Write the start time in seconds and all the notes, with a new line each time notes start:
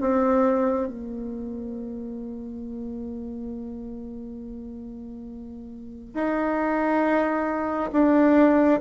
0.00 C4
0.87 A#3
6.14 D#4
7.92 D4